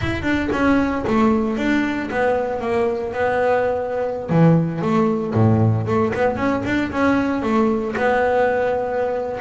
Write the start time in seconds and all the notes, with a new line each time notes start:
0.01 E4
0.22 D4
0.52 C#4
1.07 A3
1.57 D4
2.10 B3
2.60 A#3
3.13 B3
4.29 E3
4.81 A3
5.33 A2
5.86 A3
6.14 B3
6.36 C#4
6.65 D4
6.91 C#4
7.42 A3
7.96 B3